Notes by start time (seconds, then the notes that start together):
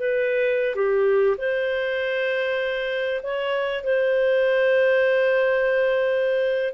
0.00 B4
0.76 G4
1.38 C5
3.23 C#5
3.84 C5